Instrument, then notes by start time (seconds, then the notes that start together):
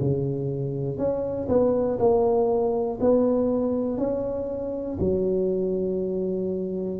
tuba
0.00 C#3
0.97 C#4
1.48 B3
1.99 A#3
3.00 B3
3.98 C#4
4.99 F#3